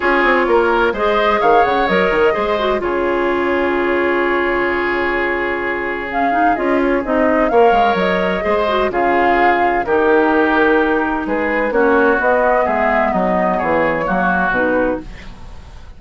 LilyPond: <<
  \new Staff \with { instrumentName = "flute" } { \time 4/4 \tempo 4 = 128 cis''2 dis''4 f''8 fis''8 | dis''2 cis''2~ | cis''1~ | cis''4 f''4 dis''8 cis''8 dis''4 |
f''4 dis''2 f''4~ | f''4 ais'2. | b'4 cis''4 dis''4 e''4 | dis''4 cis''2 b'4 | }
  \new Staff \with { instrumentName = "oboe" } { \time 4/4 gis'4 ais'4 c''4 cis''4~ | cis''4 c''4 gis'2~ | gis'1~ | gis'1 |
cis''2 c''4 gis'4~ | gis'4 g'2. | gis'4 fis'2 gis'4 | dis'4 gis'4 fis'2 | }
  \new Staff \with { instrumentName = "clarinet" } { \time 4/4 f'2 gis'2 | ais'4 gis'8 fis'8 f'2~ | f'1~ | f'4 cis'8 dis'8 f'4 dis'4 |
ais'2 gis'8 fis'8 f'4~ | f'4 dis'2.~ | dis'4 cis'4 b2~ | b2 ais4 dis'4 | }
  \new Staff \with { instrumentName = "bassoon" } { \time 4/4 cis'8 c'8 ais4 gis4 dis8 cis8 | fis8 dis8 gis4 cis2~ | cis1~ | cis2 cis'4 c'4 |
ais8 gis8 fis4 gis4 cis4~ | cis4 dis2. | gis4 ais4 b4 gis4 | fis4 e4 fis4 b,4 | }
>>